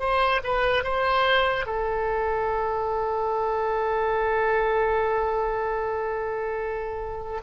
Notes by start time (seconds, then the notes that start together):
0.00 C5
0.44 B4
0.84 C5
1.66 A4